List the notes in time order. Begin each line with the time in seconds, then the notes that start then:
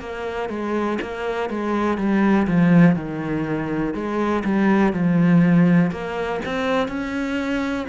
0.00 A#3
0.49 G#3
1.01 A#3
1.49 G#3
1.97 G3
2.47 F3
2.96 D#3
3.94 G#3
4.44 G3
4.93 F3
5.91 A#3
6.45 C4
6.88 C#4